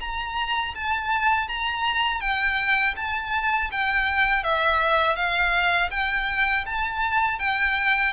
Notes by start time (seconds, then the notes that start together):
0.00 A#5
0.74 A5
1.48 A#5
2.20 G5
2.96 A5
3.71 G5
4.43 E5
5.15 F5
5.90 G5
6.65 A5
7.39 G5